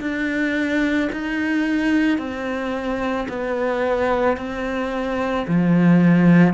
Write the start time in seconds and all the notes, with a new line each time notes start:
0.00 D4
1.12 D#4
2.18 C4
3.28 B3
4.37 C4
5.47 F3